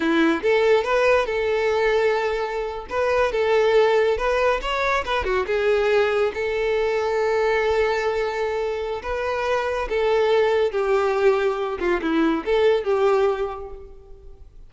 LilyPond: \new Staff \with { instrumentName = "violin" } { \time 4/4 \tempo 4 = 140 e'4 a'4 b'4 a'4~ | a'2~ a'8. b'4 a'16~ | a'4.~ a'16 b'4 cis''4 b'16~ | b'16 fis'8 gis'2 a'4~ a'16~ |
a'1~ | a'4 b'2 a'4~ | a'4 g'2~ g'8 f'8 | e'4 a'4 g'2 | }